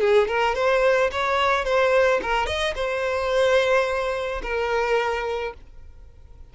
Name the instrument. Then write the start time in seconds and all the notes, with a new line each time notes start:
violin
0.00 G#4
0.28 A#4
0.55 C5
1.12 C#5
1.65 C5
2.22 A#4
2.46 D#5
2.75 C5
4.42 A#4